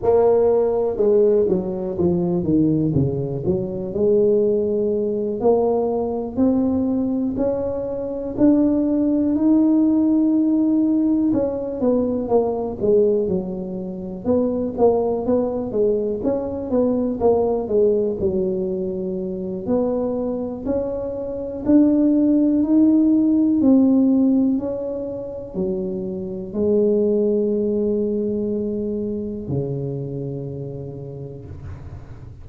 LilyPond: \new Staff \with { instrumentName = "tuba" } { \time 4/4 \tempo 4 = 61 ais4 gis8 fis8 f8 dis8 cis8 fis8 | gis4. ais4 c'4 cis'8~ | cis'8 d'4 dis'2 cis'8 | b8 ais8 gis8 fis4 b8 ais8 b8 |
gis8 cis'8 b8 ais8 gis8 fis4. | b4 cis'4 d'4 dis'4 | c'4 cis'4 fis4 gis4~ | gis2 cis2 | }